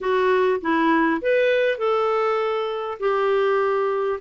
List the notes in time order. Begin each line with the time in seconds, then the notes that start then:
0.01 F#4
0.61 E4
1.21 B4
1.78 A4
2.99 G4